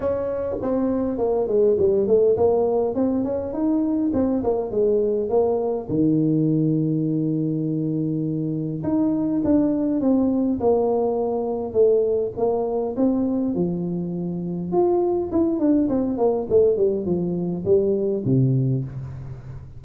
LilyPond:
\new Staff \with { instrumentName = "tuba" } { \time 4/4 \tempo 4 = 102 cis'4 c'4 ais8 gis8 g8 a8 | ais4 c'8 cis'8 dis'4 c'8 ais8 | gis4 ais4 dis2~ | dis2. dis'4 |
d'4 c'4 ais2 | a4 ais4 c'4 f4~ | f4 f'4 e'8 d'8 c'8 ais8 | a8 g8 f4 g4 c4 | }